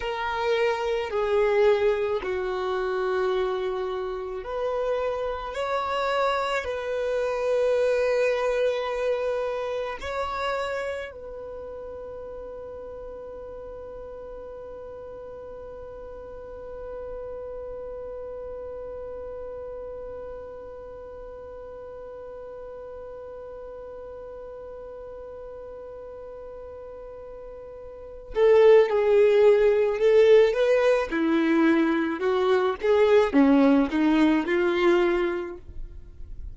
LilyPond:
\new Staff \with { instrumentName = "violin" } { \time 4/4 \tempo 4 = 54 ais'4 gis'4 fis'2 | b'4 cis''4 b'2~ | b'4 cis''4 b'2~ | b'1~ |
b'1~ | b'1~ | b'4. a'8 gis'4 a'8 b'8 | e'4 fis'8 gis'8 cis'8 dis'8 f'4 | }